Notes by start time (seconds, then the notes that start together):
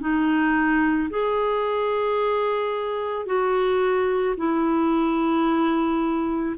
0.00 D#4
1.10 G#4
3.26 F#4
4.37 E4